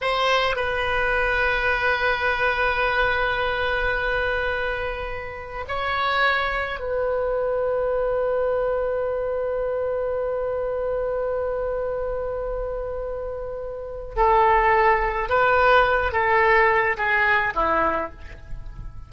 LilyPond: \new Staff \with { instrumentName = "oboe" } { \time 4/4 \tempo 4 = 106 c''4 b'2.~ | b'1~ | b'2 cis''2 | b'1~ |
b'1~ | b'1~ | b'4 a'2 b'4~ | b'8 a'4. gis'4 e'4 | }